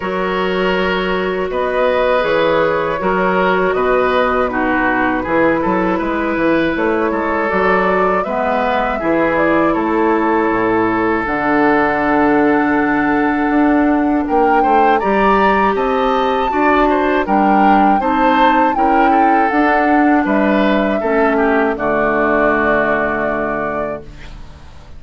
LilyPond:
<<
  \new Staff \with { instrumentName = "flute" } { \time 4/4 \tempo 4 = 80 cis''2 dis''4 cis''4~ | cis''4 dis''4 b'2~ | b'4 cis''4 d''4 e''4~ | e''8 d''8 cis''2 fis''4~ |
fis''2. g''4 | ais''4 a''2 g''4 | a''4 g''4 fis''4 e''4~ | e''4 d''2. | }
  \new Staff \with { instrumentName = "oboe" } { \time 4/4 ais'2 b'2 | ais'4 b'4 fis'4 gis'8 a'8 | b'4. a'4. b'4 | gis'4 a'2.~ |
a'2. ais'8 c''8 | d''4 dis''4 d''8 c''8 ais'4 | c''4 ais'8 a'4. b'4 | a'8 g'8 fis'2. | }
  \new Staff \with { instrumentName = "clarinet" } { \time 4/4 fis'2. gis'4 | fis'2 dis'4 e'4~ | e'2 fis'4 b4 | e'2. d'4~ |
d'1 | g'2 fis'4 d'4 | dis'4 e'4 d'2 | cis'4 a2. | }
  \new Staff \with { instrumentName = "bassoon" } { \time 4/4 fis2 b4 e4 | fis4 b,2 e8 fis8 | gis8 e8 a8 gis8 fis4 gis4 | e4 a4 a,4 d4~ |
d2 d'4 ais8 a8 | g4 c'4 d'4 g4 | c'4 cis'4 d'4 g4 | a4 d2. | }
>>